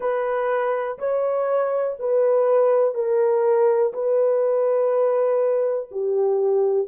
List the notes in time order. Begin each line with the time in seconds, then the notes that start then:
0.00 B4
0.98 C#5
1.99 B4
2.94 A#4
3.93 B4
5.91 G4